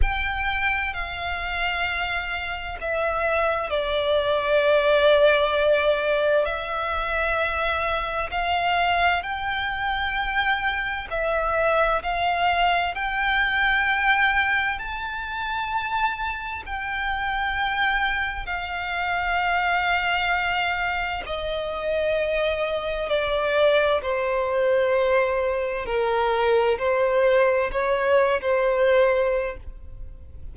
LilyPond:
\new Staff \with { instrumentName = "violin" } { \time 4/4 \tempo 4 = 65 g''4 f''2 e''4 | d''2. e''4~ | e''4 f''4 g''2 | e''4 f''4 g''2 |
a''2 g''2 | f''2. dis''4~ | dis''4 d''4 c''2 | ais'4 c''4 cis''8. c''4~ c''16 | }